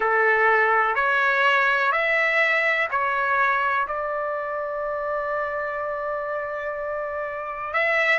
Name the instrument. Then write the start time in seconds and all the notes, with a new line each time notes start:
trumpet
0.00 A4
0.95 C#5
1.92 E5
2.90 C#5
3.87 D5
7.73 E5